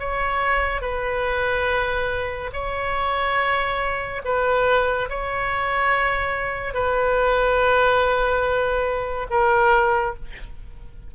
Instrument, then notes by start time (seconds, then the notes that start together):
oboe
0.00 C#5
0.82 B4
2.54 C#5
4.25 B4
5.10 C#5
6.74 B4
9.31 A#4